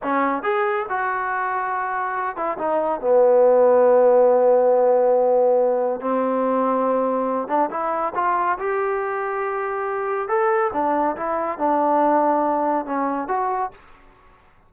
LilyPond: \new Staff \with { instrumentName = "trombone" } { \time 4/4 \tempo 4 = 140 cis'4 gis'4 fis'2~ | fis'4. e'8 dis'4 b4~ | b1~ | b2 c'2~ |
c'4. d'8 e'4 f'4 | g'1 | a'4 d'4 e'4 d'4~ | d'2 cis'4 fis'4 | }